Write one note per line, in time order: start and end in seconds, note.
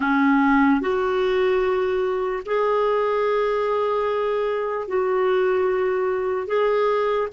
0.00 0.80 C#4
0.81 2.43 F#4
2.45 4.87 G#4
4.87 6.46 F#4
6.46 7.28 G#4